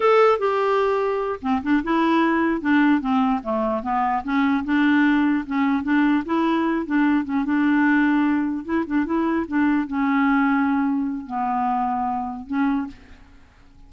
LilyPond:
\new Staff \with { instrumentName = "clarinet" } { \time 4/4 \tempo 4 = 149 a'4 g'2~ g'8 c'8 | d'8 e'2 d'4 c'8~ | c'8 a4 b4 cis'4 d'8~ | d'4. cis'4 d'4 e'8~ |
e'4 d'4 cis'8 d'4.~ | d'4. e'8 d'8 e'4 d'8~ | d'8 cis'2.~ cis'8 | b2. cis'4 | }